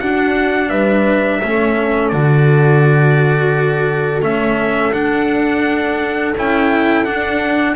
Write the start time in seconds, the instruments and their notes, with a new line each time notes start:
0.00 cello D4, double bass D4, horn F#4, trumpet F#5
0.69 double bass G3, horn B4, trumpet E5
1.41 double bass A3, cello C#4, horn A4
2.09 double bass D3, cello F#4, trumpet D5
4.22 double bass A3, cello C#4, trumpet E5
4.93 cello D4, double bass D4, trumpet F#5
6.36 double bass C#4, cello E4, trumpet G5
7.05 cello D4, double bass D4, trumpet F#5